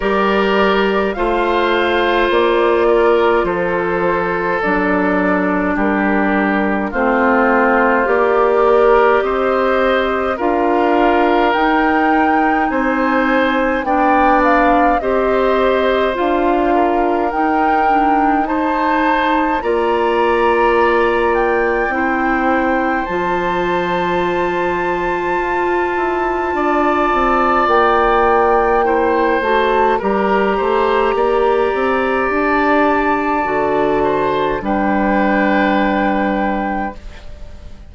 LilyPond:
<<
  \new Staff \with { instrumentName = "flute" } { \time 4/4 \tempo 4 = 52 d''4 f''4 d''4 c''4 | d''4 ais'4 c''4 d''4 | dis''4 f''4 g''4 gis''4 | g''8 f''8 dis''4 f''4 g''4 |
a''4 ais''4. g''4. | a''1 | g''4. a''8 ais''2 | a''2 g''2 | }
  \new Staff \with { instrumentName = "oboe" } { \time 4/4 ais'4 c''4. ais'8 a'4~ | a'4 g'4 f'4. ais'8 | c''4 ais'2 c''4 | d''4 c''4. ais'4. |
c''4 d''2 c''4~ | c''2. d''4~ | d''4 c''4 ais'8 c''8 d''4~ | d''4. c''8 b'2 | }
  \new Staff \with { instrumentName = "clarinet" } { \time 4/4 g'4 f'2. | d'2 c'4 g'4~ | g'4 f'4 dis'2 | d'4 g'4 f'4 dis'8 d'8 |
dis'4 f'2 e'4 | f'1~ | f'4 e'8 fis'8 g'2~ | g'4 fis'4 d'2 | }
  \new Staff \with { instrumentName = "bassoon" } { \time 4/4 g4 a4 ais4 f4 | fis4 g4 a4 ais4 | c'4 d'4 dis'4 c'4 | b4 c'4 d'4 dis'4~ |
dis'4 ais2 c'4 | f2 f'8 e'8 d'8 c'8 | ais4. a8 g8 a8 ais8 c'8 | d'4 d4 g2 | }
>>